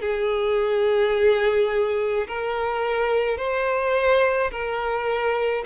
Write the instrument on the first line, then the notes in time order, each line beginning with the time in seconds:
violin
0.00 G#4
2.27 A#4
3.37 C5
4.51 A#4